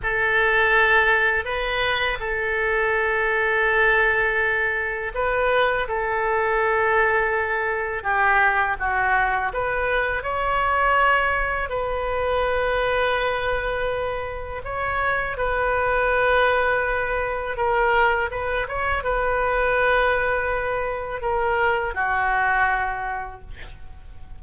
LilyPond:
\new Staff \with { instrumentName = "oboe" } { \time 4/4 \tempo 4 = 82 a'2 b'4 a'4~ | a'2. b'4 | a'2. g'4 | fis'4 b'4 cis''2 |
b'1 | cis''4 b'2. | ais'4 b'8 cis''8 b'2~ | b'4 ais'4 fis'2 | }